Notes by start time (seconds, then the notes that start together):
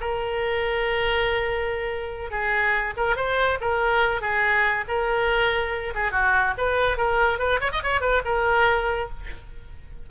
0.00 A#4
2.30 G#4
2.97 A#4
3.16 C5
3.60 A#4
4.21 G#4
4.88 A#4
5.95 G#4
6.11 F#4
6.57 B4
6.97 A#4
7.38 B4
7.60 C#5
7.72 D#5
7.82 C#5
8.01 B4
8.25 A#4